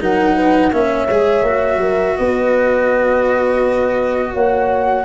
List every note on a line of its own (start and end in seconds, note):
0.00 0.72 F#3
0.00 0.72 D#4
0.00 0.36 A#4
0.00 0.73 F#5
0.36 0.72 B4
0.72 1.09 A#3
0.72 1.09 C#4
0.72 1.81 C#5
0.72 2.17 E5
1.10 1.43 G#3
1.10 1.47 G#4
1.43 1.77 A#3
1.43 5.05 F#4
1.77 2.13 F#3
1.77 2.17 A#4
2.17 4.34 B3
2.17 4.33 B4
2.17 4.34 D#5
4.33 5.05 A#3
4.33 5.05 C#5
4.33 5.05 F#5